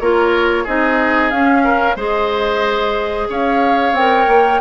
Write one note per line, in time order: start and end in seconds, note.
0.00 0.66 A#3
0.00 0.66 F4
0.00 0.63 A#4
0.00 0.66 C#5
0.63 1.32 C4
0.63 1.32 D#4
0.63 1.62 G#4
0.63 1.30 D#5
1.30 1.96 C#4
1.30 1.97 C#4
1.30 1.96 F5
1.64 1.96 A#4
1.96 3.28 G#3
1.96 3.94 G#4
1.96 3.28 C5
1.96 3.29 D#5
3.29 3.92 C#4
3.29 4.61 C#5
3.29 3.95 F5
3.92 4.25 C4
3.92 4.61 A#4
3.92 4.61 G5
4.27 4.60 A#3